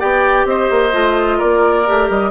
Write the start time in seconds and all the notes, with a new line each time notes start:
0.00 B3 G4 D5 G5
0.46 C4 C5 D#5
0.71 A#3
0.92 A3 F4
1.38 A#3 A#4 D5
1.86 A3 G4
2.10 G3 D#5